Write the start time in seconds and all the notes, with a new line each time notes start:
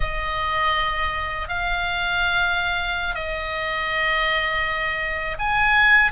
0.00 D#5
1.48 F5
3.14 D#5
5.39 G#5